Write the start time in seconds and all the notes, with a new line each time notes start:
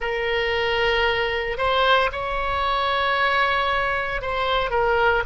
0.00 A#4
1.57 C5
2.11 C#5
4.21 C5
4.70 A#4